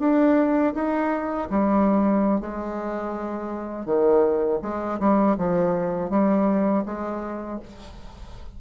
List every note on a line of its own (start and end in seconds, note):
0.00 0.74 D4
0.75 1.49 D#4
1.51 2.41 G3
2.41 3.86 G#3
3.86 4.60 D#3
4.63 5.00 G#3
5.00 5.37 G3
5.38 6.10 F3
6.10 6.85 G3
6.86 7.60 G#3